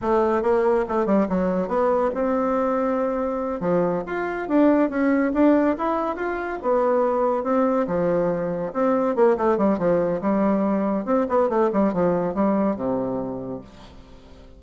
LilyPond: \new Staff \with { instrumentName = "bassoon" } { \time 4/4 \tempo 4 = 141 a4 ais4 a8 g8 fis4 | b4 c'2.~ | c'8 f4 f'4 d'4 cis'8~ | cis'8 d'4 e'4 f'4 b8~ |
b4. c'4 f4.~ | f8 c'4 ais8 a8 g8 f4 | g2 c'8 b8 a8 g8 | f4 g4 c2 | }